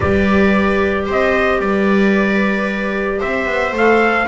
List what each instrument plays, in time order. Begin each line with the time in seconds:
0.00 double bass G3, clarinet G4, viola B4, trumpet D5
1.05 double bass C4, viola C5
1.11 trumpet D#5
1.59 double bass G3, viola B4, trumpet D5
3.19 double bass C4, viola C5, trumpet E5
3.45 double bass B3
3.72 double bass A3, clarinet A4, trumpet F5